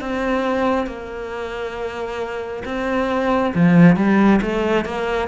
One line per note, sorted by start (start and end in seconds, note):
0.00 0.86 C4
0.86 2.63 A#3
2.65 3.53 C4
3.54 3.96 F3
3.96 4.40 G3
4.41 4.84 A3
4.84 5.28 A#3